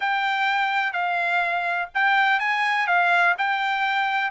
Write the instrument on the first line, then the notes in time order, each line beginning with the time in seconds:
trumpet
0.00 G5
0.93 F5
1.94 G5
2.39 G#5
2.87 F5
3.38 G5